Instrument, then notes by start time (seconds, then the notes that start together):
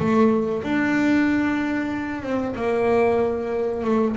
double bass
0.00 A3
0.64 D4
2.23 C4
2.56 A#3
3.84 A3